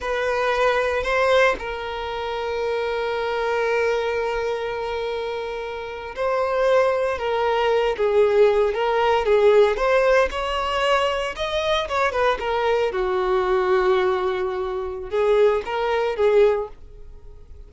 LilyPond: \new Staff \with { instrumentName = "violin" } { \time 4/4 \tempo 4 = 115 b'2 c''4 ais'4~ | ais'1~ | ais'2.~ ais'8. c''16~ | c''4.~ c''16 ais'4. gis'8.~ |
gis'8. ais'4 gis'4 c''4 cis''16~ | cis''4.~ cis''16 dis''4 cis''8 b'8 ais'16~ | ais'8. fis'2.~ fis'16~ | fis'4 gis'4 ais'4 gis'4 | }